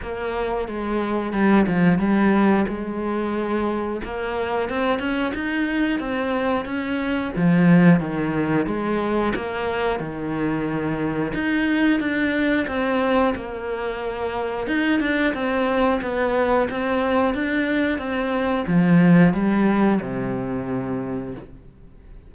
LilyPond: \new Staff \with { instrumentName = "cello" } { \time 4/4 \tempo 4 = 90 ais4 gis4 g8 f8 g4 | gis2 ais4 c'8 cis'8 | dis'4 c'4 cis'4 f4 | dis4 gis4 ais4 dis4~ |
dis4 dis'4 d'4 c'4 | ais2 dis'8 d'8 c'4 | b4 c'4 d'4 c'4 | f4 g4 c2 | }